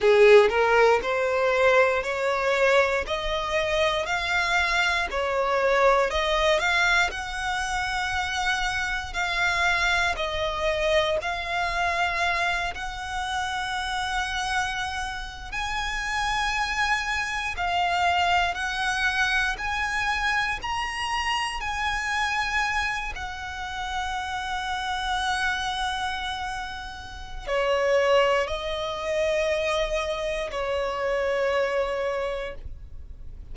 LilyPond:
\new Staff \with { instrumentName = "violin" } { \time 4/4 \tempo 4 = 59 gis'8 ais'8 c''4 cis''4 dis''4 | f''4 cis''4 dis''8 f''8 fis''4~ | fis''4 f''4 dis''4 f''4~ | f''8 fis''2~ fis''8. gis''8.~ |
gis''4~ gis''16 f''4 fis''4 gis''8.~ | gis''16 ais''4 gis''4. fis''4~ fis''16~ | fis''2. cis''4 | dis''2 cis''2 | }